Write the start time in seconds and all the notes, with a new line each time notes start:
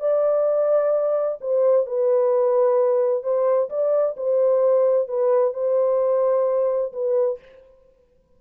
0.00 D5
1.41 C5
1.86 B4
3.23 C5
3.70 D5
4.17 C5
5.08 B4
5.54 C5
6.93 B4